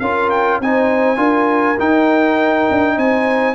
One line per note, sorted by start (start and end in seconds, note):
0.00 0.60 C#4
0.00 0.63 F4
0.00 0.61 A#4
0.00 0.30 F5
0.30 0.60 G5
0.60 1.17 C4
0.60 1.17 D#4
0.60 1.18 C5
0.60 1.80 G#5
1.17 1.77 D4
1.17 1.76 F4
1.17 2.96 A#4
1.80 2.69 D#4
1.80 3.55 D#4
1.80 2.99 G5
2.71 2.97 D4
2.97 3.55 C4
2.97 3.55 C5
2.97 3.55 G#5